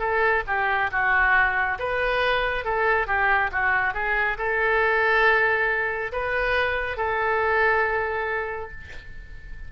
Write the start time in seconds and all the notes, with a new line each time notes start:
0.00 A4
0.47 G4
0.92 F#4
1.79 B4
2.65 A4
3.07 G4
3.52 F#4
3.94 G#4
4.38 A4
6.13 B4
6.97 A4